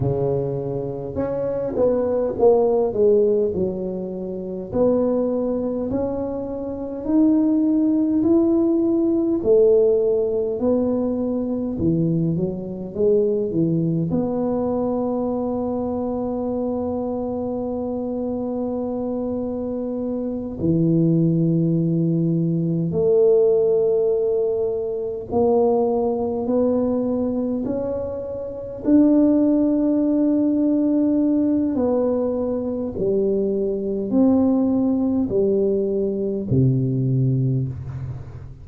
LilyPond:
\new Staff \with { instrumentName = "tuba" } { \time 4/4 \tempo 4 = 51 cis4 cis'8 b8 ais8 gis8 fis4 | b4 cis'4 dis'4 e'4 | a4 b4 e8 fis8 gis8 e8 | b1~ |
b4. e2 a8~ | a4. ais4 b4 cis'8~ | cis'8 d'2~ d'8 b4 | g4 c'4 g4 c4 | }